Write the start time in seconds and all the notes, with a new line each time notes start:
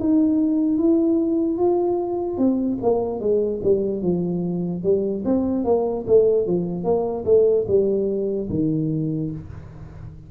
0.00 D#4
0.79 E4
1.58 F4
2.38 C4
2.83 A#3
3.20 G#3
3.64 G3
4.02 F3
4.84 G3
5.25 C4
5.65 A#3
6.07 A3
6.47 F3
6.84 A#3
7.25 A3
7.68 G3
8.50 D#3